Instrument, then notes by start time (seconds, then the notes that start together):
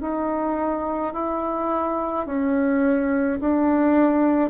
bassoon
0.00 D#4
1.13 E4
2.26 C#4
3.40 D4